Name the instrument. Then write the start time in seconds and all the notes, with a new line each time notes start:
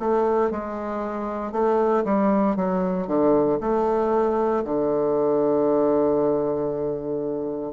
bassoon
0.00 A3
0.51 G#3
1.52 A3
2.05 G3
2.56 F#3
3.08 D3
3.61 A3
4.65 D3